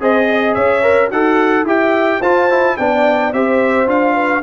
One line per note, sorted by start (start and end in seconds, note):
0.00 0.56 C4
0.00 0.83 G#4
0.00 0.28 C5
0.00 0.54 D#5
0.30 0.55 D#5
0.54 1.12 C#4
0.54 1.08 C#5
0.54 1.10 E5
0.83 1.10 A#4
1.08 1.64 D#4
1.08 1.63 F#4
1.08 1.66 A4
1.08 1.66 F#5
1.64 2.19 E4
1.64 2.22 G4
1.64 2.20 E5
1.64 2.22 G5
2.20 2.76 F4
2.20 2.50 F4
2.20 2.76 C5
2.20 2.77 A5
2.50 2.78 E4
2.77 3.33 B3
2.77 3.34 D4
2.77 3.34 D5
2.77 3.33 G5
3.33 3.86 C4
3.33 3.87 G4
3.33 4.15 C5
3.33 3.88 E5
3.86 4.42 D4
3.86 4.42 F4
3.86 4.43 F5
4.15 4.42 B4